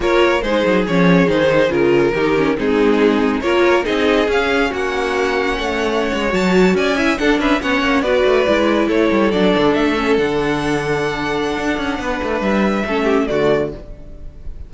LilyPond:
<<
  \new Staff \with { instrumentName = "violin" } { \time 4/4 \tempo 4 = 140 cis''4 c''4 cis''4 c''4 | ais'2 gis'2 | cis''4 dis''4 f''4 fis''4~ | fis''2~ fis''8. a''4 gis''16~ |
gis''8. fis''8 e''8 fis''4 d''4~ d''16~ | d''8. cis''4 d''4 e''4 fis''16~ | fis''1~ | fis''4 e''2 d''4 | }
  \new Staff \with { instrumentName = "violin" } { \time 4/4 ais'4 gis'2.~ | gis'4 g'4 dis'2 | ais'4 gis'2 fis'4~ | fis'4 cis''2~ cis''8. d''16~ |
d''16 e''8 a'8 b'8 cis''4 b'4~ b'16~ | b'8. a'2.~ a'16~ | a'1 | b'2 a'8 g'8 fis'4 | }
  \new Staff \with { instrumentName = "viola" } { \time 4/4 f'4 dis'4 cis'4 dis'4 | f'4 dis'8 cis'8 c'2 | f'4 dis'4 cis'2~ | cis'2~ cis'8. fis'4~ fis'16~ |
fis'16 e'8 d'4 cis'4 fis'4 e'16~ | e'4.~ e'16 d'4. cis'8 d'16~ | d'1~ | d'2 cis'4 a4 | }
  \new Staff \with { instrumentName = "cello" } { \time 4/4 ais4 gis8 fis8 f4 dis4 | cis4 dis4 gis2 | ais4 c'4 cis'4 ais4~ | ais4 a4~ a16 gis8 fis4 cis'16~ |
cis'8. d'8 cis'8 b8 ais8 b8 a8 gis16~ | gis8. a8 g8 fis8 d8 a4 d16~ | d2. d'8 cis'8 | b8 a8 g4 a4 d4 | }
>>